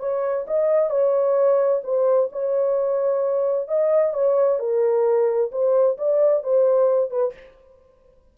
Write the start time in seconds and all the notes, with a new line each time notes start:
0.00 C#5
0.47 D#5
0.91 C#5
1.84 C5
2.32 C#5
3.68 D#5
4.14 C#5
4.60 A#4
5.52 C5
5.98 D5
6.44 C5
7.11 B4